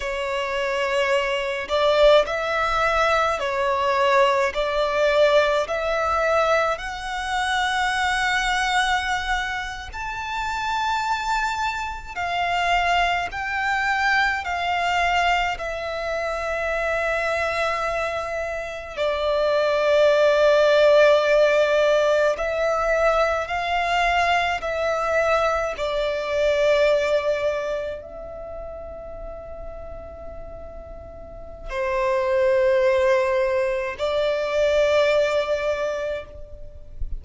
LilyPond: \new Staff \with { instrumentName = "violin" } { \time 4/4 \tempo 4 = 53 cis''4. d''8 e''4 cis''4 | d''4 e''4 fis''2~ | fis''8. a''2 f''4 g''16~ | g''8. f''4 e''2~ e''16~ |
e''8. d''2. e''16~ | e''8. f''4 e''4 d''4~ d''16~ | d''8. e''2.~ e''16 | c''2 d''2 | }